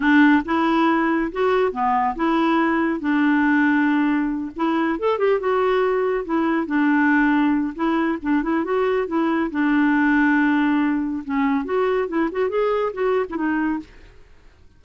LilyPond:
\new Staff \with { instrumentName = "clarinet" } { \time 4/4 \tempo 4 = 139 d'4 e'2 fis'4 | b4 e'2 d'4~ | d'2~ d'8 e'4 a'8 | g'8 fis'2 e'4 d'8~ |
d'2 e'4 d'8 e'8 | fis'4 e'4 d'2~ | d'2 cis'4 fis'4 | e'8 fis'8 gis'4 fis'8. e'16 dis'4 | }